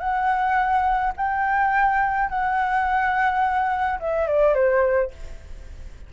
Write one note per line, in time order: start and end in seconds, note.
0.00 1.13 F#5
1.17 2.30 G5
2.30 3.99 F#5
4.00 4.27 E5
4.27 4.55 D5
4.55 5.11 C5